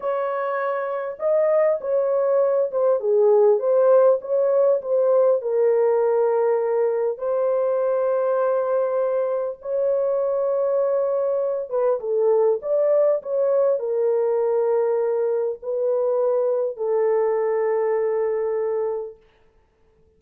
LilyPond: \new Staff \with { instrumentName = "horn" } { \time 4/4 \tempo 4 = 100 cis''2 dis''4 cis''4~ | cis''8 c''8 gis'4 c''4 cis''4 | c''4 ais'2. | c''1 |
cis''2.~ cis''8 b'8 | a'4 d''4 cis''4 ais'4~ | ais'2 b'2 | a'1 | }